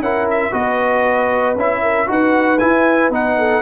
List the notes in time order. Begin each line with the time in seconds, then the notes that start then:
0.00 C#4 E4 A#4 F#5
0.30 E5
0.52 B3 F#4 B4 D#5
1.56 C#4 E4 E5
1.83 A#4
2.07 D#4 F#4 B4 F#5
2.59 E4 G#5
3.10 B3 D#4 F#5
3.39 A4